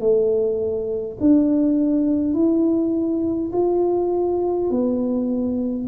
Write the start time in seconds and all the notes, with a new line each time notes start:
0.00 A3
1.20 D4
2.34 E4
3.52 F4
4.71 B3